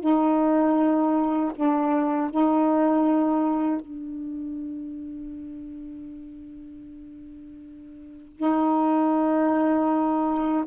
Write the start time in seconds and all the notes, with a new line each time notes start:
0.00 D#4
1.55 D4
2.31 D#4
3.81 D4
8.36 D#4